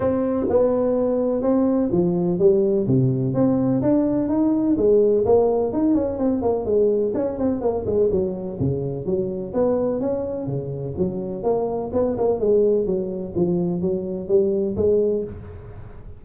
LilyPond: \new Staff \with { instrumentName = "tuba" } { \time 4/4 \tempo 4 = 126 c'4 b2 c'4 | f4 g4 c4 c'4 | d'4 dis'4 gis4 ais4 | dis'8 cis'8 c'8 ais8 gis4 cis'8 c'8 |
ais8 gis8 fis4 cis4 fis4 | b4 cis'4 cis4 fis4 | ais4 b8 ais8 gis4 fis4 | f4 fis4 g4 gis4 | }